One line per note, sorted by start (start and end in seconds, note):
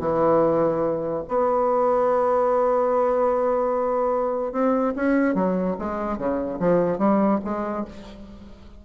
0.00 1.23 E3
1.28 4.53 B3
4.53 4.94 C4
4.96 5.35 C#4
5.35 5.76 F#3
5.79 6.18 G#3
6.18 6.59 C#3
6.60 6.98 F3
6.98 7.40 G3
7.44 7.85 G#3